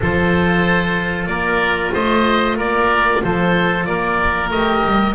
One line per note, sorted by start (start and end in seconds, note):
0.01 1.27 F3
0.01 4.53 F4
0.01 1.29 A4
0.01 1.26 C5
1.26 1.91 A#3
1.26 1.93 A#4
1.26 1.90 D5
1.93 2.58 A3
1.93 2.57 C5
1.93 2.58 D#5
2.57 3.22 A#3
2.57 3.21 A#4
2.57 3.23 D5
3.23 3.87 F3
3.23 3.88 A4
3.23 3.85 C5
3.85 4.50 A#3
3.85 5.15 A#4
3.85 4.49 D5
4.50 4.82 A3
4.50 5.15 G4
4.50 5.15 D#5
4.84 5.15 G3